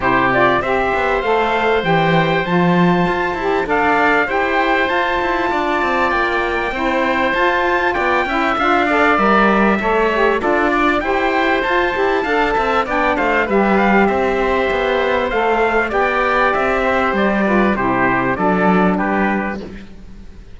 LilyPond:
<<
  \new Staff \with { instrumentName = "trumpet" } { \time 4/4 \tempo 4 = 98 c''8 d''8 e''4 f''4 g''4 | a''2 f''4 g''4 | a''2 g''2 | a''4 g''4 f''4 e''4~ |
e''4 d''4 g''4 a''4~ | a''4 g''8 f''8 e''8 f''8 e''4~ | e''4 f''4 g''4 e''4 | d''4 c''4 d''4 b'4 | }
  \new Staff \with { instrumentName = "oboe" } { \time 4/4 g'4 c''2.~ | c''2 d''4 c''4~ | c''4 d''2 c''4~ | c''4 d''8 e''4 d''4. |
cis''4 a'8 d''8 c''2 | f''8 e''8 d''8 c''8 b'4 c''4~ | c''2 d''4. c''8~ | c''8 b'8 g'4 a'4 g'4 | }
  \new Staff \with { instrumentName = "saxophone" } { \time 4/4 e'8 f'8 g'4 a'4 g'4 | f'4. g'8 a'4 g'4 | f'2. e'4 | f'4. e'8 f'8 a'8 ais'4 |
a'8 g'8 f'4 g'4 f'8 g'8 | a'4 d'4 g'2~ | g'4 a'4 g'2~ | g'8 f'8 e'4 d'2 | }
  \new Staff \with { instrumentName = "cello" } { \time 4/4 c4 c'8 b8 a4 e4 | f4 f'8 e'8 d'4 e'4 | f'8 e'8 d'8 c'8 ais4 c'4 | f'4 b8 cis'8 d'4 g4 |
a4 d'4 e'4 f'8 e'8 | d'8 c'8 b8 a8 g4 c'4 | b4 a4 b4 c'4 | g4 c4 fis4 g4 | }
>>